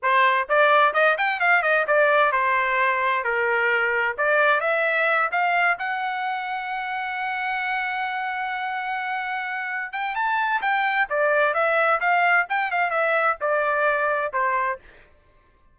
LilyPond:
\new Staff \with { instrumentName = "trumpet" } { \time 4/4 \tempo 4 = 130 c''4 d''4 dis''8 g''8 f''8 dis''8 | d''4 c''2 ais'4~ | ais'4 d''4 e''4. f''8~ | f''8 fis''2.~ fis''8~ |
fis''1~ | fis''4. g''8 a''4 g''4 | d''4 e''4 f''4 g''8 f''8 | e''4 d''2 c''4 | }